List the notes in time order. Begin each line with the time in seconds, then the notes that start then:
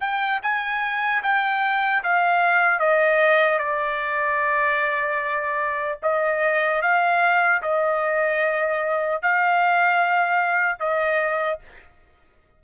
0.00 G5
0.42 G#5
1.23 G5
2.03 F5
2.79 D#5
3.58 D5
6.02 D#5
6.81 F5
7.62 D#5
9.22 F5
10.79 D#5